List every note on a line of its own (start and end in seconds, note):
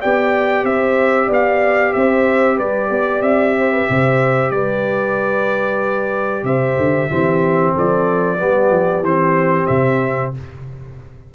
0.00 0.64 B3
0.00 7.11 G4
0.00 0.65 D5
0.00 0.65 G5
0.64 1.28 C4
0.64 1.27 C5
0.64 1.30 E5
1.27 1.94 B3
1.27 1.92 D5
1.33 1.94 F5
1.94 2.60 C4
1.94 2.57 C5
1.94 2.58 E5
2.57 2.90 G3
2.57 2.89 B4
2.57 3.22 D5
2.90 3.22 B3
2.90 3.56 D5
3.22 3.86 C4
3.22 4.51 E5
3.59 3.72 C5
3.72 3.88 B4
3.90 4.51 C3
3.90 4.54 C5
4.51 6.44 G3
4.51 6.45 B4
4.51 6.44 D5
6.44 6.76 C3
6.44 7.10 C5
6.44 7.74 E5
6.78 7.10 D3
7.10 7.75 E3
7.10 8.38 C4
7.10 7.74 G4
7.74 8.41 F3
7.74 8.39 A4
7.74 9.05 D5
8.38 8.71 G3
8.38 9.03 B3
8.38 10.33 G4
8.71 9.01 F3
9.01 9.66 E3
9.01 10.35 C4
9.01 9.67 C5
9.67 10.34 C3
9.67 10.31 E5